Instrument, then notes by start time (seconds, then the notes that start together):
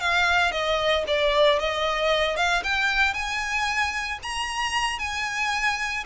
violin
0.00 F5
0.52 D#5
1.07 D5
1.59 D#5
2.37 F5
2.64 G5
3.14 G#5
4.23 A#5
4.99 G#5